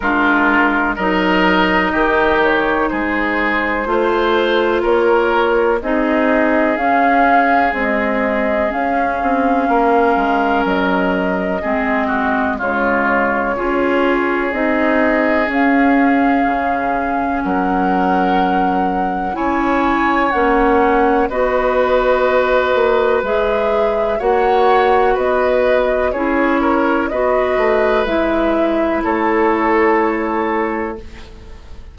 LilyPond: <<
  \new Staff \with { instrumentName = "flute" } { \time 4/4 \tempo 4 = 62 ais'4 dis''4. cis''8 c''4~ | c''4 cis''4 dis''4 f''4 | dis''4 f''2 dis''4~ | dis''4 cis''2 dis''4 |
f''2 fis''2 | gis''4 fis''4 dis''2 | e''4 fis''4 dis''4 cis''4 | dis''4 e''4 cis''2 | }
  \new Staff \with { instrumentName = "oboe" } { \time 4/4 f'4 ais'4 g'4 gis'4 | c''4 ais'4 gis'2~ | gis'2 ais'2 | gis'8 fis'8 f'4 gis'2~ |
gis'2 ais'2 | cis''2 b'2~ | b'4 cis''4 b'4 gis'8 ais'8 | b'2 a'2 | }
  \new Staff \with { instrumentName = "clarinet" } { \time 4/4 d'4 dis'2. | f'2 dis'4 cis'4 | gis4 cis'2. | c'4 gis4 f'4 dis'4 |
cis'1 | e'4 cis'4 fis'2 | gis'4 fis'2 e'4 | fis'4 e'2. | }
  \new Staff \with { instrumentName = "bassoon" } { \time 4/4 gis4 fis4 dis4 gis4 | a4 ais4 c'4 cis'4 | c'4 cis'8 c'8 ais8 gis8 fis4 | gis4 cis4 cis'4 c'4 |
cis'4 cis4 fis2 | cis'4 ais4 b4. ais8 | gis4 ais4 b4 cis'4 | b8 a8 gis4 a2 | }
>>